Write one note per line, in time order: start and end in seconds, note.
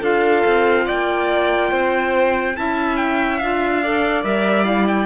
0.00 0.43 D4
0.00 2.55 F4
0.00 0.85 A4
0.00 0.88 F5
0.46 0.88 C4
0.86 1.72 A#3
0.86 1.70 D5
0.86 2.56 G5
1.70 2.56 C4
1.70 2.55 C5
2.56 3.41 C#4
2.56 3.40 E4
2.56 3.83 E5
2.56 2.96 A5
2.96 3.38 G5
3.38 4.24 D4
3.38 3.83 F4
3.38 4.23 F5
3.83 4.23 A4
3.83 5.06 D5
4.23 5.06 G3
4.23 4.64 A#4
4.23 4.64 E5
4.64 5.06 E4
4.64 4.86 F5
4.87 5.06 G5